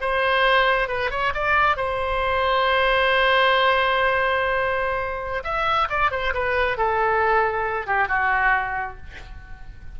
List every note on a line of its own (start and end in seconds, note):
0.00 0.88 C5
0.88 1.10 B4
1.10 1.33 C#5
1.34 1.76 D5
1.76 5.43 C5
5.43 5.88 E5
5.89 6.11 D5
6.11 6.33 C5
6.33 6.77 B4
6.77 7.86 A4
7.86 8.08 G4
8.08 8.97 F#4